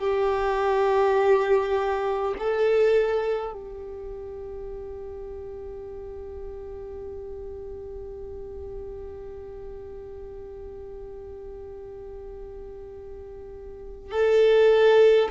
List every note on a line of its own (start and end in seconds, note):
0.00 2.35 G4
2.39 3.53 A4
3.53 14.11 G4
14.11 15.29 A4